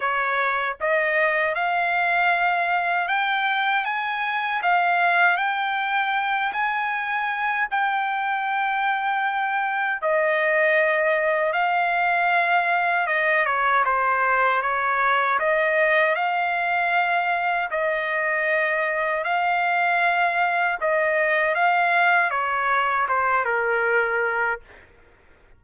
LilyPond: \new Staff \with { instrumentName = "trumpet" } { \time 4/4 \tempo 4 = 78 cis''4 dis''4 f''2 | g''4 gis''4 f''4 g''4~ | g''8 gis''4. g''2~ | g''4 dis''2 f''4~ |
f''4 dis''8 cis''8 c''4 cis''4 | dis''4 f''2 dis''4~ | dis''4 f''2 dis''4 | f''4 cis''4 c''8 ais'4. | }